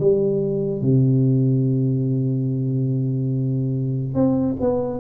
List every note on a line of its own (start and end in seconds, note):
0.00 0.81 G3
0.81 4.14 C3
4.14 4.56 C4
4.61 5.00 B3